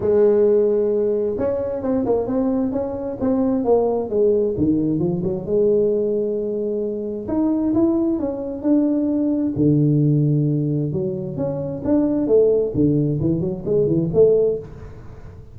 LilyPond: \new Staff \with { instrumentName = "tuba" } { \time 4/4 \tempo 4 = 132 gis2. cis'4 | c'8 ais8 c'4 cis'4 c'4 | ais4 gis4 dis4 f8 fis8 | gis1 |
dis'4 e'4 cis'4 d'4~ | d'4 d2. | fis4 cis'4 d'4 a4 | d4 e8 fis8 gis8 e8 a4 | }